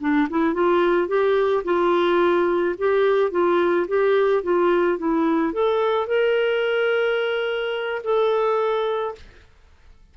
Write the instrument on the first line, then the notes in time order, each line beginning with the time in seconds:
clarinet
0.00 D4
0.30 E4
0.54 F4
1.08 G4
1.64 F4
2.78 G4
3.31 F4
3.88 G4
4.43 F4
4.98 E4
5.53 A4
6.07 A#4
8.04 A4